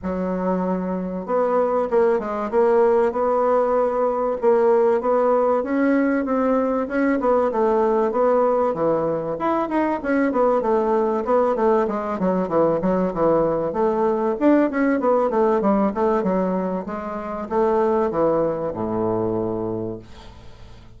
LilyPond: \new Staff \with { instrumentName = "bassoon" } { \time 4/4 \tempo 4 = 96 fis2 b4 ais8 gis8 | ais4 b2 ais4 | b4 cis'4 c'4 cis'8 b8 | a4 b4 e4 e'8 dis'8 |
cis'8 b8 a4 b8 a8 gis8 fis8 | e8 fis8 e4 a4 d'8 cis'8 | b8 a8 g8 a8 fis4 gis4 | a4 e4 a,2 | }